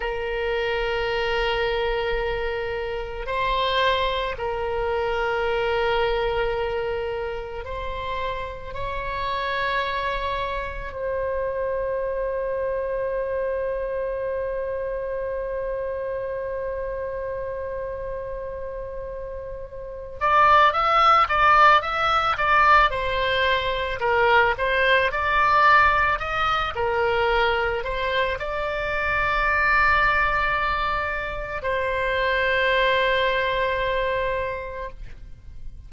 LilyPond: \new Staff \with { instrumentName = "oboe" } { \time 4/4 \tempo 4 = 55 ais'2. c''4 | ais'2. c''4 | cis''2 c''2~ | c''1~ |
c''2~ c''8 d''8 e''8 d''8 | e''8 d''8 c''4 ais'8 c''8 d''4 | dis''8 ais'4 c''8 d''2~ | d''4 c''2. | }